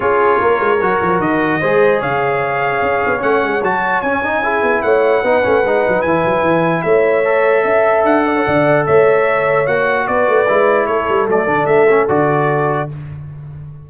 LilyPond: <<
  \new Staff \with { instrumentName = "trumpet" } { \time 4/4 \tempo 4 = 149 cis''2. dis''4~ | dis''4 f''2. | fis''4 a''4 gis''2 | fis''2. gis''4~ |
gis''4 e''2. | fis''2 e''2 | fis''4 d''2 cis''4 | d''4 e''4 d''2 | }
  \new Staff \with { instrumentName = "horn" } { \time 4/4 gis'4 ais'2. | c''4 cis''2.~ | cis''2. gis'4 | cis''4 b'2.~ |
b'4 cis''2 e''4~ | e''8 d''16 cis''16 d''4 cis''2~ | cis''4 b'2 a'4~ | a'1 | }
  \new Staff \with { instrumentName = "trombone" } { \time 4/4 f'2 fis'2 | gis'1 | cis'4 fis'4 cis'8 dis'8 e'4~ | e'4 dis'8 cis'8 dis'4 e'4~ |
e'2 a'2~ | a'1 | fis'2 e'2 | a8 d'4 cis'8 fis'2 | }
  \new Staff \with { instrumentName = "tuba" } { \time 4/4 cis'4 ais8 gis8 fis8 f8 dis4 | gis4 cis2 cis'8 b8 | a8 gis8 fis4 cis'4. b8 | a4 b8 a8 gis8 fis8 e8 fis8 |
e4 a2 cis'4 | d'4 d4 a2 | ais4 b8 a8 gis4 a8 g8 | fis8 d8 a4 d2 | }
>>